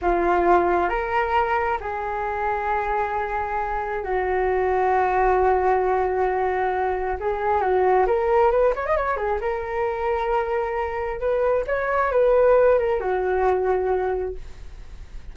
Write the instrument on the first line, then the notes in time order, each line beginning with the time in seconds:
flute
0.01 F4
0.89 A#4
1.80 G#4
4.03 F#4
7.19 G#4
7.61 F#4
8.07 A#4
8.51 B4
8.75 C#5
8.86 D#5
8.96 C#5
9.16 G#4
9.41 A#4
11.19 B4
11.66 C#5
12.11 B4
12.78 A#4
13.00 F#4